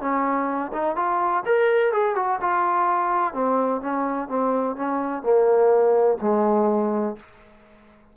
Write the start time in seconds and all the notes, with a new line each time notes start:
0.00 C#4
0.73 D#4
0.96 F4
1.45 A#4
1.92 G#4
2.15 F#4
2.41 F4
3.34 C4
3.81 C#4
4.28 C4
4.76 C#4
5.23 A#3
6.21 G#3